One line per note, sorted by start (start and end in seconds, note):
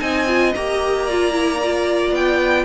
0.00 0.54 C4
0.00 0.27 D#4
0.00 1.06 D#5
0.00 0.53 G#5
0.27 0.54 F4
0.55 2.12 A#3
0.55 1.09 G4
0.55 2.14 A#5
1.06 1.33 F4
1.06 2.65 D5
1.33 1.59 E4
1.64 2.65 F4
2.12 2.65 B3
2.12 2.65 G5